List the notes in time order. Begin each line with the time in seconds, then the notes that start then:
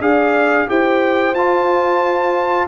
0.00 D4 G#4 D5 F5
0.67 E4 G4 C5 G5
1.34 F4 A5